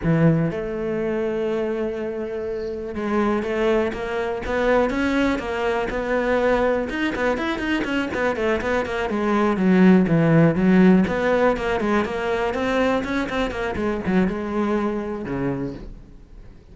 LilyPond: \new Staff \with { instrumentName = "cello" } { \time 4/4 \tempo 4 = 122 e4 a2.~ | a2 gis4 a4 | ais4 b4 cis'4 ais4 | b2 dis'8 b8 e'8 dis'8 |
cis'8 b8 a8 b8 ais8 gis4 fis8~ | fis8 e4 fis4 b4 ais8 | gis8 ais4 c'4 cis'8 c'8 ais8 | gis8 fis8 gis2 cis4 | }